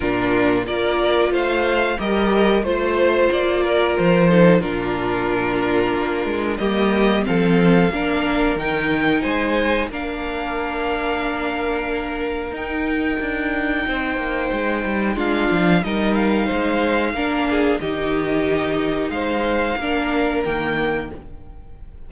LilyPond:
<<
  \new Staff \with { instrumentName = "violin" } { \time 4/4 \tempo 4 = 91 ais'4 d''4 f''4 dis''4 | c''4 d''4 c''4 ais'4~ | ais'2 dis''4 f''4~ | f''4 g''4 gis''4 f''4~ |
f''2. g''4~ | g''2. f''4 | dis''8 f''2~ f''8 dis''4~ | dis''4 f''2 g''4 | }
  \new Staff \with { instrumentName = "violin" } { \time 4/4 f'4 ais'4 c''4 ais'4 | c''4. ais'4 a'8 f'4~ | f'2 g'4 a'4 | ais'2 c''4 ais'4~ |
ais'1~ | ais'4 c''2 f'4 | ais'4 c''4 ais'8 gis'8 g'4~ | g'4 c''4 ais'2 | }
  \new Staff \with { instrumentName = "viola" } { \time 4/4 d'4 f'2 g'4 | f'2~ f'8 dis'8 d'4~ | d'2 ais4 c'4 | d'4 dis'2 d'4~ |
d'2. dis'4~ | dis'2. d'4 | dis'2 d'4 dis'4~ | dis'2 d'4 ais4 | }
  \new Staff \with { instrumentName = "cello" } { \time 4/4 ais,4 ais4 a4 g4 | a4 ais4 f4 ais,4~ | ais,4 ais8 gis8 g4 f4 | ais4 dis4 gis4 ais4~ |
ais2. dis'4 | d'4 c'8 ais8 gis8 g8 gis8 f8 | g4 gis4 ais4 dis4~ | dis4 gis4 ais4 dis4 | }
>>